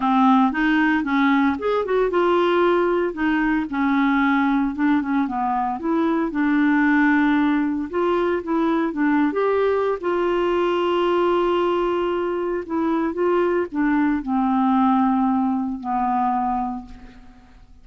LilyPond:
\new Staff \with { instrumentName = "clarinet" } { \time 4/4 \tempo 4 = 114 c'4 dis'4 cis'4 gis'8 fis'8 | f'2 dis'4 cis'4~ | cis'4 d'8 cis'8 b4 e'4 | d'2. f'4 |
e'4 d'8. g'4~ g'16 f'4~ | f'1 | e'4 f'4 d'4 c'4~ | c'2 b2 | }